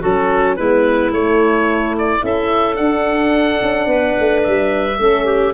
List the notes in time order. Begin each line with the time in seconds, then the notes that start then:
0.00 F#3 C#4 F#4 A4
0.56 G#3 B3 E4 B4
1.12 A3 C#5
1.98 D5
2.20 C#4 E4 A4 E5
2.74 D4 F#5
3.62 C#4
3.86 B3 B4
4.20 A3
4.43 G3 E5
4.99 A3 C#4 A4
5.25 G4